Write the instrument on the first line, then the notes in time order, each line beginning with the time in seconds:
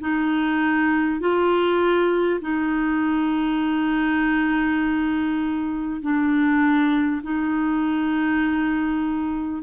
clarinet
0.00 D#4
1.21 F4
2.41 D#4
6.02 D4
7.23 D#4